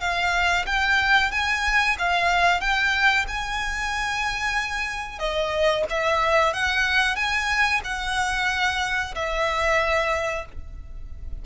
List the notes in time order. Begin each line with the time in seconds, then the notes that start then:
0.00 F5
0.66 G5
1.31 G#5
1.98 F5
2.61 G5
3.28 G#5
5.19 D#5
5.90 E5
6.53 F#5
7.16 G#5
7.84 F#5
9.15 E5